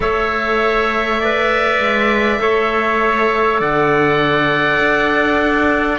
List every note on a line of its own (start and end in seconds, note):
0.00 1.79 A3
0.00 1.18 A4
0.00 1.20 C#5
0.00 3.60 E5
1.20 2.39 B4
1.20 2.40 D5
1.79 2.39 G#3
2.39 3.60 A3
2.39 5.98 A4
2.39 3.59 C#5
3.59 4.79 D3
3.59 5.98 D5
3.59 5.98 F#5
4.79 5.98 D4